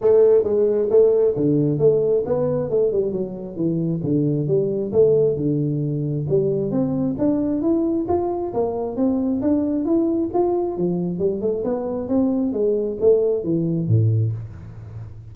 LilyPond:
\new Staff \with { instrumentName = "tuba" } { \time 4/4 \tempo 4 = 134 a4 gis4 a4 d4 | a4 b4 a8 g8 fis4 | e4 d4 g4 a4 | d2 g4 c'4 |
d'4 e'4 f'4 ais4 | c'4 d'4 e'4 f'4 | f4 g8 a8 b4 c'4 | gis4 a4 e4 a,4 | }